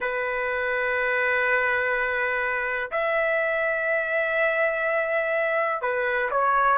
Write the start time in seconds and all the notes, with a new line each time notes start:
0.00 B4
2.91 E5
5.81 B4
6.30 C#5